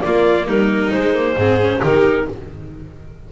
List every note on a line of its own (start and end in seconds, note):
0.00 0.90 A#3
0.00 0.47 A#3
0.00 0.47 F4
0.00 0.46 D5
0.47 0.92 G3
0.47 1.37 D#4
0.47 0.92 A#4
0.92 1.36 G#3
0.92 1.14 G#3
0.92 1.82 C5
1.14 1.36 A#3
1.36 1.81 G#2
1.36 1.61 C4
1.36 1.79 G#4
1.61 1.83 C#4
1.79 2.28 D#3
1.79 2.25 G4
1.79 2.28 A#4
1.87 2.32 D#4